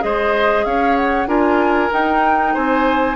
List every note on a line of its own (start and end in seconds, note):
0.00 0.65 G#3
0.00 1.26 G#4
0.00 0.66 C5
0.00 0.65 D#5
0.65 1.27 C#4
0.65 1.29 C#5
0.65 0.96 F5
0.96 1.28 F#5
1.27 1.90 D4
1.27 1.91 F4
1.27 2.54 A#4
1.27 1.91 G#5
1.91 3.17 D#4
1.91 2.56 D#4
1.91 2.55 G5
2.54 3.17 C4
2.54 3.17 C5
2.54 3.17 G#5